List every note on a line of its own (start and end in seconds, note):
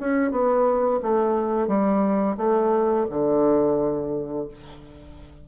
0.00 0.31 C#4
0.31 1.00 B3
1.02 1.67 A3
1.67 2.36 G3
2.37 3.06 A3
3.10 4.48 D3